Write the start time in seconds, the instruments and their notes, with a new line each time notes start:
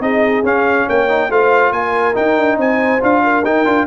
0.00 tuba C4, trombone D#4, horn G#4, trumpet D#5
0.44 tuba C#4, trombone C#4, trumpet F5
0.86 tuba A#3, horn C#5, trumpet G5
1.08 trombone D#4
1.30 tuba A3, trombone F4, horn C5, trumpet F5
1.72 tuba A#3, horn A#4, trumpet G#5
2.14 trombone D#4, tuba D#4, trumpet G5
2.37 tuba D4
2.58 tuba C4, horn C5, trumpet G#5
3.01 tuba D4, trombone F4, trumpet F5
3.24 horn A#4
3.45 tuba D#4, trombone D#4, trumpet G5
3.65 tuba D4, trombone F4